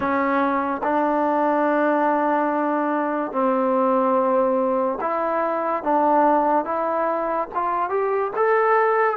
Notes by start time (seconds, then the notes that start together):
0.00 C#4
0.83 D4
3.32 C4
5.00 E4
5.83 D4
6.64 E4
7.54 F4
7.89 G4
8.36 A4